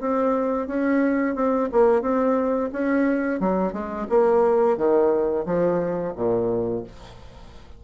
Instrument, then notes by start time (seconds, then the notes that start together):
bassoon
0.00 C4
0.67 C#4
1.35 C4
1.72 A#3
2.01 C4
2.72 C#4
3.40 F#3
3.73 G#3
4.09 A#3
4.77 D#3
5.45 F3
6.15 A#2